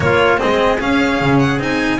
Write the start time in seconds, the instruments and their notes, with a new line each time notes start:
0.00 cello A#3, double bass A#3, trumpet F4, violin C#5
0.37 cello C4, trumpet G#4, violin D#5
0.44 double bass G#3
0.79 cello C#4, double bass C#4, violin F5
1.20 double bass C#3
1.39 violin F#5
1.59 double bass C4, cello D#4, violin G#5